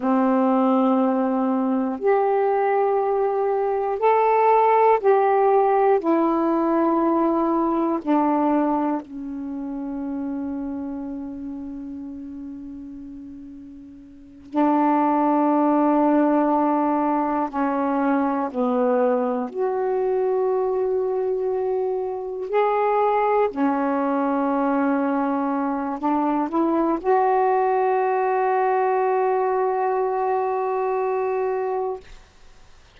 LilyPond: \new Staff \with { instrumentName = "saxophone" } { \time 4/4 \tempo 4 = 60 c'2 g'2 | a'4 g'4 e'2 | d'4 cis'2.~ | cis'2~ cis'8 d'4.~ |
d'4. cis'4 b4 fis'8~ | fis'2~ fis'8 gis'4 cis'8~ | cis'2 d'8 e'8 fis'4~ | fis'1 | }